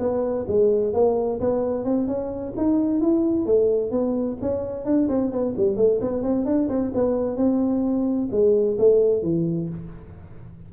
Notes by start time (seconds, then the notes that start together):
0.00 B3
0.48 G#3
0.94 A#3
1.41 B3
1.85 C4
2.08 C#4
2.57 D#4
3.01 E4
3.46 A3
3.91 B3
4.42 C#4
4.85 D4
5.09 C4
5.32 B3
5.57 G3
5.77 A3
6.01 B3
6.23 C4
6.46 D4
6.69 C4
6.94 B3
7.37 C4
8.32 G#3
8.79 A3
9.23 E3